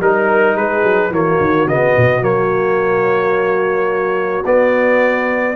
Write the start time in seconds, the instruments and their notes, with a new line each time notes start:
0.00 tuba G3, trombone D#4, horn A#4, trumpet A#4
0.55 tuba G#3, horn G#4, trumpet B4
0.83 tuba F#3
1.10 tuba E3, trombone A#3, horn F#4, trumpet C#5
1.40 tuba D#3
1.66 tuba C#3, trombone B3, trumpet D#5
1.97 tuba B2
2.21 tuba F#3, trombone A#3, trumpet C#5
4.45 tuba B3, trombone B3, trumpet D5